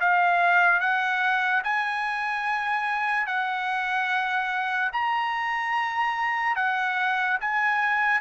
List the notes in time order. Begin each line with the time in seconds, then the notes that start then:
0.00 F5
0.80 F#5
1.64 G#5
3.27 F#5
4.92 A#5
6.56 F#5
7.40 G#5